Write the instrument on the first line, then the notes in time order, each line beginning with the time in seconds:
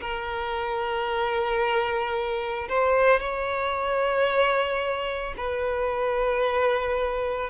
violin
0.00 A#4
2.68 C5
3.19 C#5
5.37 B4